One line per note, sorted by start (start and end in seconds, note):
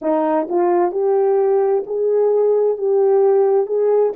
0.01 0.47 D#4
0.49 0.91 F4
0.91 1.83 G4
1.86 2.77 G#4
2.77 3.66 G4
3.66 4.12 G#4